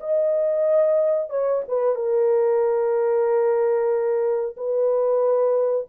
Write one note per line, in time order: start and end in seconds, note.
0.00 1.30 D#5
1.30 1.62 C#5
1.68 1.95 B4
1.95 4.56 A#4
4.57 5.87 B4